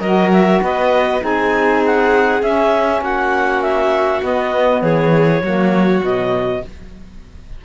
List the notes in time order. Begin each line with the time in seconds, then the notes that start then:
0.00 F#3 F#4 A#4 D#5
0.32 E5
0.62 B3 B4 D#5
1.20 C4 D#4 G#4 G#5
1.86 F#5
2.42 C#4 E5
3.01 A#3 F#4 F#5
3.62 E5
4.21 B3 D#5
4.82 E3 G#4 C#5
5.42 F#3 A#3 F#4
6.01 B2 F#3 D#5